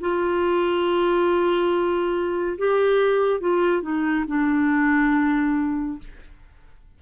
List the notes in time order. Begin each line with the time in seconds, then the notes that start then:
0.00 F4
2.58 G4
3.40 F4
3.81 D#4
4.27 D4